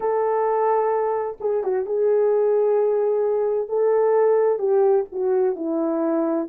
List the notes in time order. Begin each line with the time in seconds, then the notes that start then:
0.00 A4
1.40 G#4
1.63 F#4
1.86 G#4
3.68 A4
4.58 G4
5.11 F#4
5.55 E4